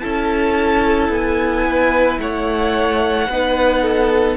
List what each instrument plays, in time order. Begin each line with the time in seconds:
0.00 cello C#4, viola E4, violin A4 A5
1.10 cello B3, violin G#5
1.66 violin B4
2.19 cello A3, violin C#5 F#5
3.29 cello B3, viola D#4, violin B4
3.83 violin A4